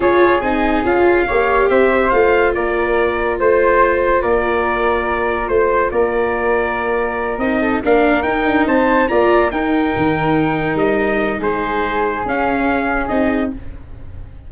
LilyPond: <<
  \new Staff \with { instrumentName = "trumpet" } { \time 4/4 \tempo 4 = 142 cis''4 gis''4 f''2 | e''4 f''4 d''2 | c''2 d''2~ | d''4 c''4 d''2~ |
d''4. dis''4 f''4 g''8~ | g''8 a''4 ais''4 g''4.~ | g''4. dis''4. c''4~ | c''4 f''2 dis''4 | }
  \new Staff \with { instrumentName = "flute" } { \time 4/4 gis'2. cis''4 | c''2 ais'2 | c''2 ais'2~ | ais'4 c''4 ais'2~ |
ais'2 a'8 ais'4.~ | ais'8 c''4 d''4 ais'4.~ | ais'2. gis'4~ | gis'1 | }
  \new Staff \with { instrumentName = "viola" } { \time 4/4 f'4 dis'4 f'4 g'4~ | g'4 f'2.~ | f'1~ | f'1~ |
f'4. dis'4 d'4 dis'8~ | dis'4. f'4 dis'4.~ | dis'1~ | dis'4 cis'2 dis'4 | }
  \new Staff \with { instrumentName = "tuba" } { \time 4/4 cis'4 c'4 cis'4 ais4 | c'4 a4 ais2 | a2 ais2~ | ais4 a4 ais2~ |
ais4. c'4 ais4 dis'8 | d'8 c'4 ais4 dis'4 dis8~ | dis4. g4. gis4~ | gis4 cis'2 c'4 | }
>>